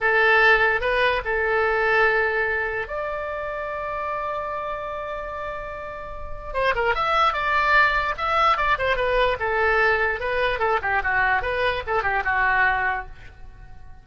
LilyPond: \new Staff \with { instrumentName = "oboe" } { \time 4/4 \tempo 4 = 147 a'2 b'4 a'4~ | a'2. d''4~ | d''1~ | d''1 |
c''8 ais'8 e''4 d''2 | e''4 d''8 c''8 b'4 a'4~ | a'4 b'4 a'8 g'8 fis'4 | b'4 a'8 g'8 fis'2 | }